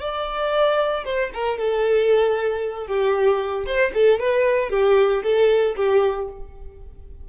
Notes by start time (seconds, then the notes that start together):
0.00 D5
1.05 C5
1.34 A#4
1.59 A4
2.87 G4
3.66 C5
3.94 A4
4.20 B4
4.71 G4
5.23 A4
5.76 G4